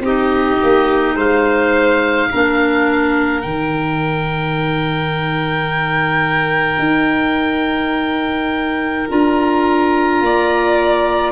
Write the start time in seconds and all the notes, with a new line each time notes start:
0.00 C4 D#4 G4 D#5
0.63 A#3
1.15 G#3 C5 F5
2.31 A#3 D4 A#4
3.42 D#3 D#4 G5
6.79 D#4
9.10 D4 F4 A#5
10.21 A#3 D5